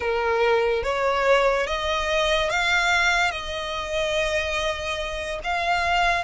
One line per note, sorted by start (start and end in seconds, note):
0.00 0.83 A#4
0.83 1.66 C#5
1.67 2.50 D#5
2.50 3.31 F5
3.31 5.39 D#5
5.43 6.24 F5